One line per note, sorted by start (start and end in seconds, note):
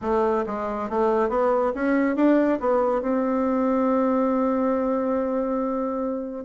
0.01 0.44 A3
0.46 0.89 G#3
0.89 1.29 A3
1.29 1.72 B3
1.74 2.15 C#4
2.15 2.59 D4
2.59 3.01 B3
3.01 6.45 C4